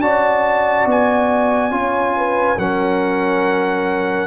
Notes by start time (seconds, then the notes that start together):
0.00 C#4 F#4 D5 A5
0.85 B3 G#5
1.71 C#4 F4 C#5
2.16 B4
2.57 F#3 C#4 A#4 F#5